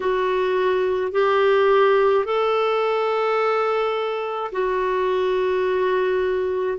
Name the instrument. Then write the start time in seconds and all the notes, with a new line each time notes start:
clarinet
0.00 F#4
1.12 G4
2.24 A4
4.51 F#4